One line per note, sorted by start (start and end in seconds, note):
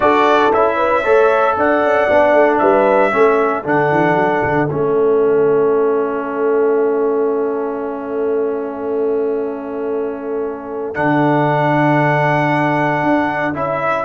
0.00 0.50 D4
0.00 0.51 F#4
0.00 0.76 A4
0.00 0.52 D5
0.53 1.05 C#4
0.53 1.04 E4
0.53 1.57 E5
0.76 1.02 B4
1.03 1.56 A3
1.03 2.08 A4
1.03 1.55 C#5
1.56 1.81 D4
1.56 2.61 D5
1.56 2.58 F#5
1.81 2.07 C#4
2.08 2.33 B3
2.08 3.11 D4
2.33 2.59 A3
2.58 3.13 G3
2.58 3.13 B4
2.58 3.62 E5
3.11 3.65 A3
3.11 3.63 C#4
3.11 14.05 A4
3.63 3.91 D3
3.63 4.68 D4
3.63 4.69 F#5
3.91 4.15 E3
4.15 4.41 F#3
4.43 4.69 D3
4.69 10.96 A3
4.69 10.94 C#4
4.69 10.94 E5
10.94 13.02 D3
10.94 13.54 D4
10.94 13.55 F#5
13.02 13.55 D4
13.54 14.05 C#4
13.54 14.05 E4
13.54 14.05 E5